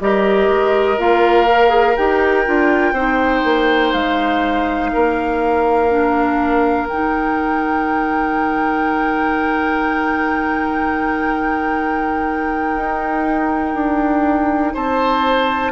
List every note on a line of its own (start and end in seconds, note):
0.00 0.49 G3
0.00 0.98 G4
0.00 2.93 A#4
0.00 0.99 D#5
0.49 0.98 G#3
0.98 1.97 A#3
0.98 1.47 F4
0.98 1.97 F5
1.47 1.69 A#4
1.69 1.93 G#4
1.97 2.47 D#4
1.97 2.45 G4
1.97 3.93 G5
2.45 2.92 D4
2.45 2.94 F4
2.92 3.42 C4
2.92 5.89 D#4
2.92 4.90 C5
3.44 3.93 A#3
3.93 4.92 G#3
3.93 6.88 F5
4.93 6.87 A#3
4.93 14.74 A#4
5.89 6.88 D4
6.87 12.76 D#3
6.87 15.72 D#4
6.87 14.75 G5
12.76 13.74 D#4
13.74 14.73 D4
14.74 15.72 C4
14.74 15.72 C5
14.74 15.72 A5